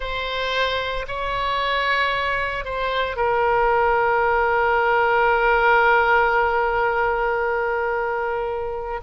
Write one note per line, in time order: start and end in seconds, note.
0.00 1.06 C5
1.07 2.64 C#5
2.64 3.16 C5
3.16 9.00 A#4